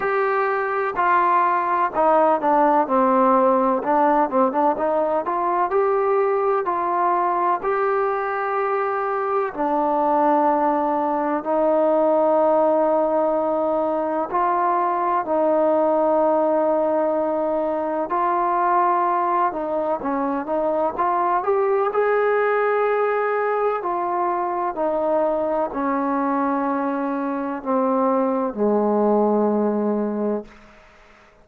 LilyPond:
\new Staff \with { instrumentName = "trombone" } { \time 4/4 \tempo 4 = 63 g'4 f'4 dis'8 d'8 c'4 | d'8 c'16 d'16 dis'8 f'8 g'4 f'4 | g'2 d'2 | dis'2. f'4 |
dis'2. f'4~ | f'8 dis'8 cis'8 dis'8 f'8 g'8 gis'4~ | gis'4 f'4 dis'4 cis'4~ | cis'4 c'4 gis2 | }